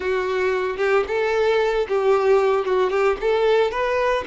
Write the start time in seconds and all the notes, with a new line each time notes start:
0.00 F#4
0.77 G4
1.07 A4
1.88 G4
2.65 F#4
2.90 G4
3.20 A4
3.71 B4